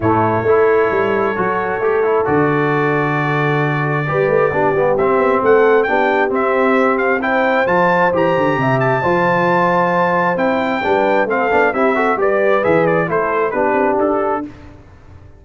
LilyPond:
<<
  \new Staff \with { instrumentName = "trumpet" } { \time 4/4 \tempo 4 = 133 cis''1~ | cis''4 d''2.~ | d''2. e''4 | fis''4 g''4 e''4. f''8 |
g''4 a''4 ais''4. a''8~ | a''2. g''4~ | g''4 f''4 e''4 d''4 | e''8 d''8 c''4 b'4 a'4 | }
  \new Staff \with { instrumentName = "horn" } { \time 4/4 e'4 a'2.~ | a'1~ | a'4 b'4 g'2 | a'4 g'2. |
c''2. e''4 | c''1 | b'4 a'4 g'8 a'8 b'4~ | b'4 a'4 g'2 | }
  \new Staff \with { instrumentName = "trombone" } { \time 4/4 a4 e'2 fis'4 | g'8 e'8 fis'2.~ | fis'4 g'4 d'8 b8 c'4~ | c'4 d'4 c'2 |
e'4 f'4 g'2 | f'2. e'4 | d'4 c'8 d'8 e'8 fis'8 g'4 | gis'4 e'4 d'2 | }
  \new Staff \with { instrumentName = "tuba" } { \time 4/4 a,4 a4 g4 fis4 | a4 d2.~ | d4 g8 a8 b8 g8 c'8 b8 | a4 b4 c'2~ |
c'4 f4 e8 d8 c4 | f2. c'4 | g4 a8 b8 c'4 g4 | e4 a4 b8 c'8 d'4 | }
>>